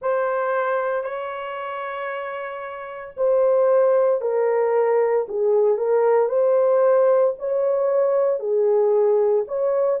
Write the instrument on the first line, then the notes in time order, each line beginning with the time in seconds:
horn
0.01 C5
1.03 C#5
3.16 C5
4.21 A#4
5.28 G#4
5.77 A#4
6.29 C5
7.39 C#5
8.39 G#4
9.47 C#5